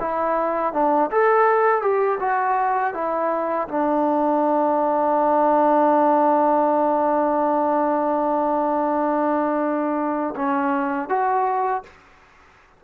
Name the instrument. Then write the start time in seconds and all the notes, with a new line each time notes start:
trombone
0.00 E4
0.73 D4
1.11 A4
1.82 G4
2.20 F#4
2.94 E4
3.68 D4
10.36 C#4
11.09 F#4